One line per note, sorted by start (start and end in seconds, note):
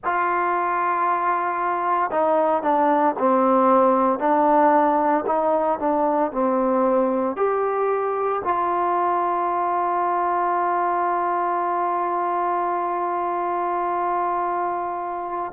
0.04 2.11 F4
2.11 2.62 D#4
2.62 3.15 D4
3.19 4.19 C4
4.19 5.24 D4
5.26 5.79 D#4
5.79 6.31 D4
6.31 7.36 C4
7.36 8.42 G4
8.44 15.52 F4